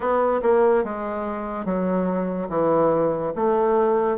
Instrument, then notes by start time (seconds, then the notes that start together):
bassoon
0.00 B3
0.42 A#3
0.84 G#3
1.65 F#3
2.49 E3
3.35 A3